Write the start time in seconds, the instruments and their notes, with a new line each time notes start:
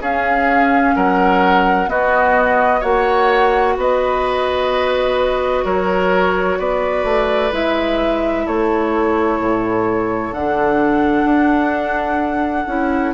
0.00 bassoon C#4, clarinet C#4, oboe G#4, flute F5
0.96 bassoon F#3, oboe A#4, flute F#5
1.87 clarinet B3, bassoon B3, oboe F#4, flute D#5
2.80 bassoon A#3, clarinet F#4, oboe C#5, flute F#5
3.77 bassoon B3, oboe B4, flute D#5
5.65 bassoon F#3, oboe A#4, flute C#5
6.59 bassoon B3, oboe B4, flute D5
7.04 bassoon A3
7.52 bassoon G#3, clarinet E4, flute E5
8.45 bassoon A3, oboe A4, flute C#5
9.39 bassoon A2
10.32 bassoon D3, clarinet D4, flute F#5
11.24 bassoon D4
12.67 bassoon C#4, clarinet E4